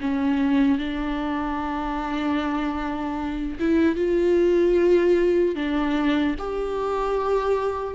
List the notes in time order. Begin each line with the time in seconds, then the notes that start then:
0.00 C#4
0.78 D4
3.59 E4
3.95 F4
5.55 D4
6.38 G4